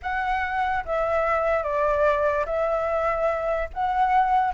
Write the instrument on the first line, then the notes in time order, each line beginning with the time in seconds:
flute
0.02 F#5
0.85 E5
1.63 D5
2.45 E5
3.73 F#5